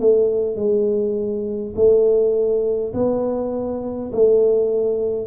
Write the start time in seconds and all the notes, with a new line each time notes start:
0.00 A3
0.56 G#3
1.76 A3
2.94 B3
4.12 A3